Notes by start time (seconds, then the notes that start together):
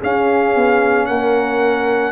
0.00 C#4 G#4 F5
0.56 B3
1.06 A#3 A#4 F#5